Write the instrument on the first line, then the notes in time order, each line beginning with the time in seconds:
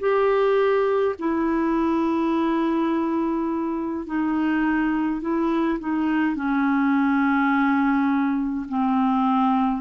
clarinet
0.00 G4
1.19 E4
4.06 D#4
5.21 E4
5.80 D#4
6.36 C#4
8.69 C4